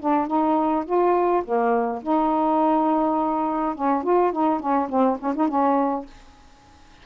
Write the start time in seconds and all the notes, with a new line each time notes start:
0.00 D4
0.27 D#4
0.85 F4
1.45 A#3
2.03 D#4
3.75 C#4
4.04 F4
4.32 D#4
4.60 C#4
4.89 C4
5.20 C#4
5.36 D#4
5.48 C#4